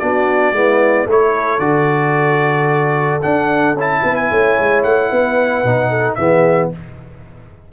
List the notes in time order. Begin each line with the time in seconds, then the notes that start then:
0.00 B3 D4 F#4 D5
0.53 G#3 B3 E4
1.07 A3 E4 A4 C#5
1.59 D3 F#4 D5
3.22 D4 F#5
3.75 C#4 E4
3.81 A5
4.03 B3 B4
4.16 G#5
4.31 A3 C#5
4.60 G#3
4.84 A3 F#5
5.11 B3 B4
5.64 B2 D#4
5.90 A4
6.15 E3 B3 G#4 E5